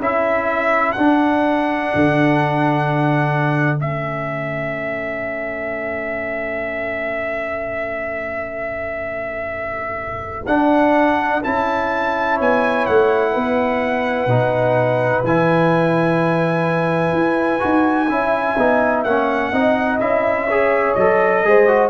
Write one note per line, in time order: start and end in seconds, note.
0.00 0.95 C#4
0.00 0.96 E4
0.00 12.34 A4
0.00 0.92 E5
0.92 3.78 D4
0.92 1.93 D4
0.92 3.78 F#5
1.95 3.81 D3
3.78 10.48 A3
3.78 10.45 C#4
3.78 10.46 E5
10.46 11.42 D4
10.46 11.43 D4
10.46 11.41 F#5
11.43 12.40 C#4
11.43 14.29 E4
11.43 12.39 A5
12.34 13.29 C#5
12.40 12.88 B3
12.40 12.86 G#5
12.86 13.36 A3
12.86 15.24 F#5
13.32 14.26 B3
13.32 18.09 B4
14.26 15.22 B2
14.26 15.24 D#4
15.24 17.12 E3
15.24 17.60 E4
15.24 19.04 G#5
17.12 17.60 E4
17.60 18.09 D#4
17.60 18.07 F#4
18.09 18.57 C#4
18.09 18.56 E4
18.09 19.53 E5
18.58 19.05 B3
18.58 19.06 D#4
19.04 19.52 A#3
19.04 19.53 C#4
19.04 19.99 F#5
19.52 20.00 C4
19.52 20.00 D#4
19.52 20.47 D#5
20.00 20.96 C#4
20.00 20.48 E4
20.00 20.94 E5
20.47 20.98 G#4
20.47 21.42 C#5
20.94 21.44 F#3
20.94 21.44 A4
20.94 21.89 D#5
21.44 21.90 G#3
21.44 21.68 G#4
21.44 21.90 C5
21.68 21.90 F#4